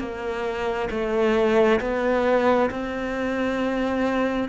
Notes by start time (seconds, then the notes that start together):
0.00 A#3
0.91 A3
1.81 B3
2.71 C4